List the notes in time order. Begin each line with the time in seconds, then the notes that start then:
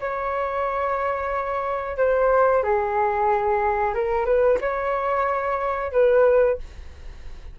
0.00 C#5
1.98 C5
2.63 G#4
3.95 A#4
4.26 B4
4.61 C#5
5.92 B4